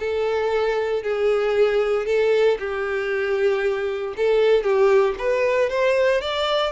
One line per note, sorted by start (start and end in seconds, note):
0.00 1.03 A4
1.03 2.07 G#4
2.07 2.58 A4
2.60 4.15 G4
4.17 4.64 A4
4.64 5.15 G4
5.19 5.70 B4
5.70 6.22 C5
6.22 6.72 D5